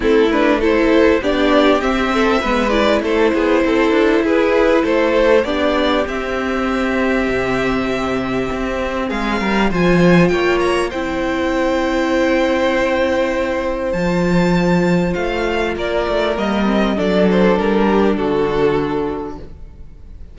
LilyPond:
<<
  \new Staff \with { instrumentName = "violin" } { \time 4/4 \tempo 4 = 99 a'8 b'8 c''4 d''4 e''4~ | e''8 d''8 c''2 b'4 | c''4 d''4 e''2~ | e''2. f''4 |
gis''4 g''8 ais''8 g''2~ | g''2. a''4~ | a''4 f''4 d''4 dis''4 | d''8 c''8 ais'4 a'2 | }
  \new Staff \with { instrumentName = "violin" } { \time 4/4 e'4 a'4 g'4. a'8 | b'4 a'8 gis'8 a'4 gis'4 | a'4 g'2.~ | g'2. gis'8 ais'8 |
c''4 cis''4 c''2~ | c''1~ | c''2 ais'2 | a'4. g'8 fis'2 | }
  \new Staff \with { instrumentName = "viola" } { \time 4/4 c'8 d'8 e'4 d'4 c'4 | b8 e'2.~ e'8~ | e'4 d'4 c'2~ | c'1 |
f'2 e'2~ | e'2. f'4~ | f'2. ais8 c'8 | d'1 | }
  \new Staff \with { instrumentName = "cello" } { \time 4/4 a2 b4 c'4 | gis4 a8 b8 c'8 d'8 e'4 | a4 b4 c'2 | c2 c'4 gis8 g8 |
f4 ais4 c'2~ | c'2. f4~ | f4 a4 ais8 a8 g4 | fis4 g4 d2 | }
>>